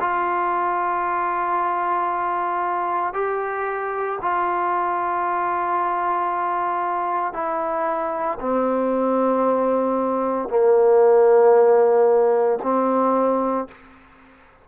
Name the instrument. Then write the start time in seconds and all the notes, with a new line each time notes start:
trombone
0.00 F4
3.14 G4
4.22 F4
7.33 E4
8.40 C4
10.49 A#3
12.63 C4